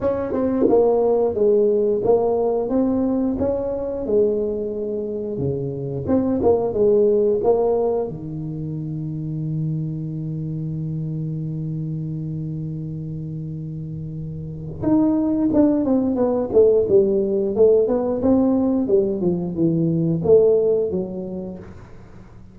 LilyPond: \new Staff \with { instrumentName = "tuba" } { \time 4/4 \tempo 4 = 89 cis'8 c'8 ais4 gis4 ais4 | c'4 cis'4 gis2 | cis4 c'8 ais8 gis4 ais4 | dis1~ |
dis1~ | dis2 dis'4 d'8 c'8 | b8 a8 g4 a8 b8 c'4 | g8 f8 e4 a4 fis4 | }